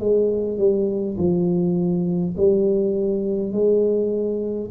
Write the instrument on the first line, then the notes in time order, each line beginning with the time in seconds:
tuba
0.00 G#3
0.58 G3
1.17 F3
2.37 G3
3.52 G#3